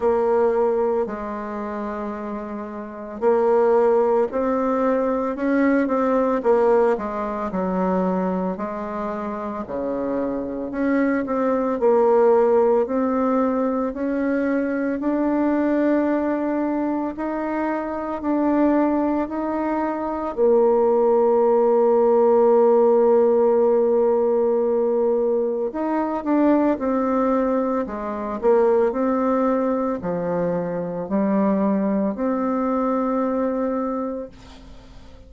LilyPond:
\new Staff \with { instrumentName = "bassoon" } { \time 4/4 \tempo 4 = 56 ais4 gis2 ais4 | c'4 cis'8 c'8 ais8 gis8 fis4 | gis4 cis4 cis'8 c'8 ais4 | c'4 cis'4 d'2 |
dis'4 d'4 dis'4 ais4~ | ais1 | dis'8 d'8 c'4 gis8 ais8 c'4 | f4 g4 c'2 | }